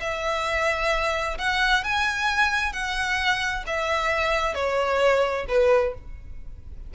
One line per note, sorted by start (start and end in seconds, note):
0.00 1.37 E5
1.38 1.84 F#5
1.84 2.72 G#5
2.72 3.64 F#5
3.66 4.54 E5
4.54 5.46 C#5
5.48 5.94 B4